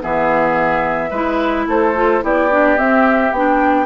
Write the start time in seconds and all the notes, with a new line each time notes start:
0.00 E3 B3 G#4 E5
1.10 G#3 E4 B4
1.67 A3 A4 C5
1.96 F4
2.21 B3 E4 G4 D5
2.51 D4
2.77 C4 E5
3.32 B3 D4 G5